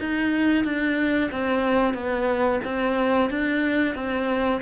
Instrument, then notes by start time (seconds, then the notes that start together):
cello
0.00 D#4
0.65 D4
1.32 C4
1.94 B3
2.65 C4
3.30 D4
3.95 C4